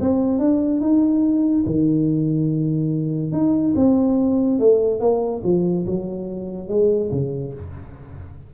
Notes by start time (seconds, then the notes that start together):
0.00 C4
0.38 D4
0.80 D#4
1.66 D#3
3.32 D#4
3.75 C4
4.59 A3
4.99 A#3
5.43 F3
5.86 F#3
6.68 G#3
7.11 C#3